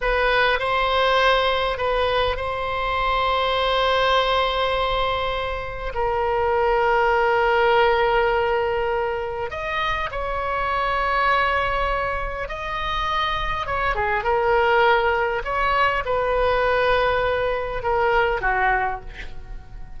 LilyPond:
\new Staff \with { instrumentName = "oboe" } { \time 4/4 \tempo 4 = 101 b'4 c''2 b'4 | c''1~ | c''2 ais'2~ | ais'1 |
dis''4 cis''2.~ | cis''4 dis''2 cis''8 gis'8 | ais'2 cis''4 b'4~ | b'2 ais'4 fis'4 | }